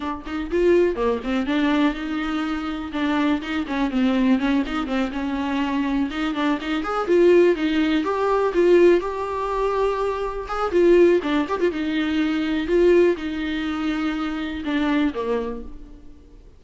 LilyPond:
\new Staff \with { instrumentName = "viola" } { \time 4/4 \tempo 4 = 123 d'8 dis'8 f'4 ais8 c'8 d'4 | dis'2 d'4 dis'8 cis'8 | c'4 cis'8 dis'8 c'8 cis'4.~ | cis'8 dis'8 d'8 dis'8 gis'8 f'4 dis'8~ |
dis'8 g'4 f'4 g'4.~ | g'4. gis'8 f'4 d'8 g'16 f'16 | dis'2 f'4 dis'4~ | dis'2 d'4 ais4 | }